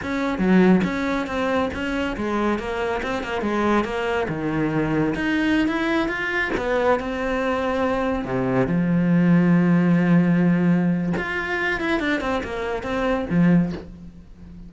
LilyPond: \new Staff \with { instrumentName = "cello" } { \time 4/4 \tempo 4 = 140 cis'4 fis4 cis'4 c'4 | cis'4 gis4 ais4 c'8 ais8 | gis4 ais4 dis2 | dis'4~ dis'16 e'4 f'4 b8.~ |
b16 c'2. c8.~ | c16 f2.~ f8.~ | f2 f'4. e'8 | d'8 c'8 ais4 c'4 f4 | }